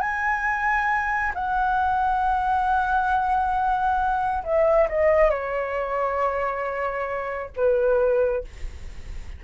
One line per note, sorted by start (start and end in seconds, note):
0.00 1.32 G#5
1.34 4.43 F#5
4.44 4.88 E5
4.89 5.30 D#5
5.30 7.50 C#5
7.56 8.44 B4